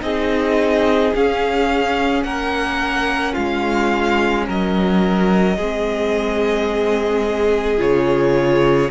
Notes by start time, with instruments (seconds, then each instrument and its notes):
0.00 cello C4, viola D#4, violin G#4 D#5
1.14 viola C#4, cello C#4, violin F5
2.23 cello A#3, violin A#4 F#5
3.33 cello G#3, violin F4 F5
4.46 cello F#3, violin A#4 D#5
5.57 cello G#3, viola C4, violin G#4
7.78 cello C#3, viola F4, violin C#5